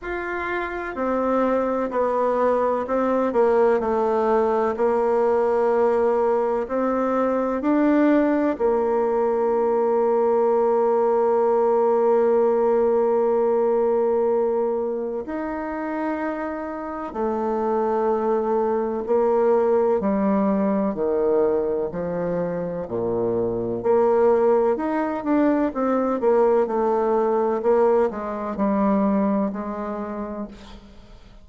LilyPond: \new Staff \with { instrumentName = "bassoon" } { \time 4/4 \tempo 4 = 63 f'4 c'4 b4 c'8 ais8 | a4 ais2 c'4 | d'4 ais2.~ | ais1 |
dis'2 a2 | ais4 g4 dis4 f4 | ais,4 ais4 dis'8 d'8 c'8 ais8 | a4 ais8 gis8 g4 gis4 | }